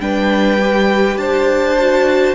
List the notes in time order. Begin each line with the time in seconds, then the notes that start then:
0.00 G3 D4 B4 G5
0.60 G4
1.17 D4 C5 A5
1.78 F#4